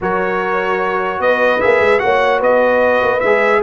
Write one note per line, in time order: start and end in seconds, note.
0.00 1.19 F#3
0.00 1.60 F#4
0.00 1.21 A#4
0.00 1.21 C#5
1.19 1.59 B3
1.19 2.03 B4
1.19 1.60 D#5
1.60 1.80 A#3
1.60 1.99 G#4
1.60 1.99 E5
1.80 2.00 G#3
1.99 2.41 A#3
1.99 3.20 F#4
1.99 2.39 C#5
1.99 2.39 F#5
2.39 3.01 B3
2.39 3.60 B4
2.39 3.20 D#5
3.02 3.22 A#3
3.20 3.62 G#3
3.20 3.62 G#4
3.20 3.60 E5